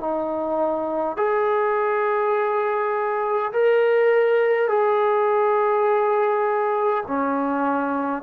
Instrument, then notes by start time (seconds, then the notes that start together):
trombone
0.00 D#4
1.17 G#4
3.53 A#4
4.69 G#4
7.07 C#4